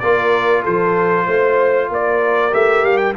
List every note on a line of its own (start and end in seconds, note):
0.00 0.65 A#3
0.00 2.51 F4
0.00 0.63 A#4
0.00 0.63 D5
0.63 1.27 F3
0.63 1.26 A4
0.63 1.92 C5
1.27 1.90 A3
1.27 1.90 C5
1.90 2.53 A#3
1.90 3.17 A#4
1.90 2.54 D5
2.51 2.84 A3
2.51 3.15 G4
2.51 2.86 E5
2.84 3.15 G3
2.84 2.98 F5
2.98 3.13 G5